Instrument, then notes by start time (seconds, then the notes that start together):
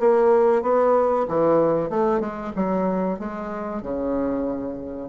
bassoon
0.00 A#3
0.63 B3
1.29 E3
1.90 A3
2.21 G#3
2.56 F#3
3.19 G#3
3.82 C#3